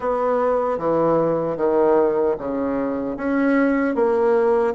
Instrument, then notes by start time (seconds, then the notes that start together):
bassoon
0.00 B3
0.78 E3
1.56 D#3
2.38 C#3
3.16 C#4
3.95 A#3